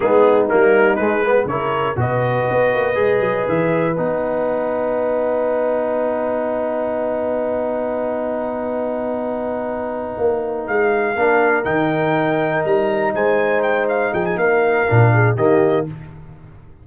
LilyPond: <<
  \new Staff \with { instrumentName = "trumpet" } { \time 4/4 \tempo 4 = 121 gis'4 ais'4 b'4 cis''4 | dis''2. e''4 | fis''1~ | fis''1~ |
fis''1~ | fis''4. f''2 g''8~ | g''4. ais''4 gis''4 g''8 | f''8 g''16 gis''16 f''2 dis''4 | }
  \new Staff \with { instrumentName = "horn" } { \time 4/4 dis'2~ dis'8 b'8 ais'4 | b'1~ | b'1~ | b'1~ |
b'1~ | b'2~ b'8 ais'4.~ | ais'2~ ais'8 c''4.~ | c''8 gis'8 ais'4. gis'8 g'4 | }
  \new Staff \with { instrumentName = "trombone" } { \time 4/4 b4 ais4 gis8 b8 e'4 | fis'2 gis'2 | dis'1~ | dis'1~ |
dis'1~ | dis'2~ dis'8 d'4 dis'8~ | dis'1~ | dis'2 d'4 ais4 | }
  \new Staff \with { instrumentName = "tuba" } { \time 4/4 gis4 g4 gis4 cis4 | b,4 b8 ais8 gis8 fis8 e4 | b1~ | b1~ |
b1~ | b8 ais4 gis4 ais4 dis8~ | dis4. g4 gis4.~ | gis8 f8 ais4 ais,4 dis4 | }
>>